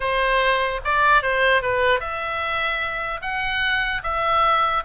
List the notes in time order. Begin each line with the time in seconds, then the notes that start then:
0.00 C5
0.84 D5
1.22 C5
1.62 B4
2.00 E5
3.21 F#5
4.03 E5